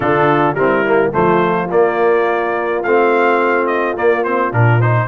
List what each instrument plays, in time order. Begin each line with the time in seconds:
0.00 tuba D3, trombone D4, horn F4, trumpet A4
0.54 tuba G3, trombone C4, horn E4, trumpet A#4
0.85 trombone A#3
1.12 tuba F3, trombone A3, horn F4, trumpet C5
1.69 trombone A#3, tuba A#3, trumpet D5
2.83 tuba A3, trombone C4, trumpet F5
3.67 trumpet D#5
3.96 tuba A#3, trombone A#3, trumpet D5
4.23 trombone C4, trumpet C5
4.51 tuba A#2, trombone D4, trumpet A#4
4.81 trombone D#4, trumpet C5